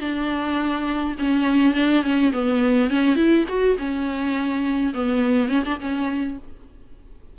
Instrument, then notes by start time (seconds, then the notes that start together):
viola
0.00 D4
1.19 C#4
1.74 D4
2.03 C#4
2.32 B3
2.90 C#4
3.15 E4
3.48 F#4
3.78 C#4
4.94 B3
5.49 C#4
5.65 D4
5.80 C#4